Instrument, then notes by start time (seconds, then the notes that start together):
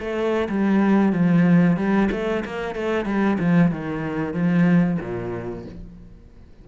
cello
0.00 A3
0.49 G3
1.12 F3
1.77 G3
2.11 A3
2.45 A#3
2.75 A3
3.05 G3
3.39 F3
3.71 D#3
4.33 F3
5.00 A#2